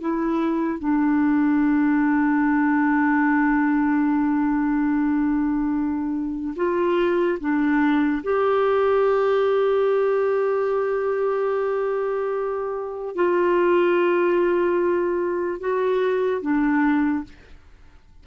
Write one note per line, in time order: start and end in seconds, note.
0.00 0.79 E4
0.79 6.54 D4
6.56 7.38 F4
7.40 8.22 D4
8.23 13.15 G4
13.15 15.60 F4
15.60 16.41 F#4
16.41 17.23 D4